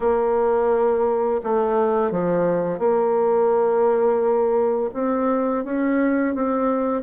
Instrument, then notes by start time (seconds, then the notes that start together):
bassoon
0.00 A#3
1.43 A3
2.11 F3
2.79 A#3
4.93 C4
5.64 C#4
6.34 C4